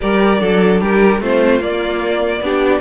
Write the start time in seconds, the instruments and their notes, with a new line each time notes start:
0.00 cello G3, viola G4, violin A#4 D5
0.39 cello F#3, viola D4, violin A4
0.80 cello G3, violin G4 A#4
1.20 cello A3, viola C4, violin F4 C5
1.60 cello A#3, viola A#3, violin D5
2.41 cello B3, viola D4, violin G4